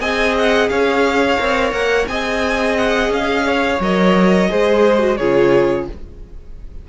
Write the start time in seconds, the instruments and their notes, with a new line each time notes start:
0.00 cello C4, viola G#4, violin D#5 G#5
0.39 violin F#5
0.69 cello C#4, violin C#5 F5
1.38 cello C4, viola A#4
1.72 cello A#3, violin F#5
2.07 cello C4, viola G#4, violin D#5 G#5
2.77 violin F#5
3.09 cello C#4, violin F5
3.47 violin C#5
3.80 cello F#3, viola A#4, violin D#5
4.49 cello G#3, viola G#4, violin C5
4.99 viola F#4
5.17 cello C#3, viola F4, violin G#4 C#5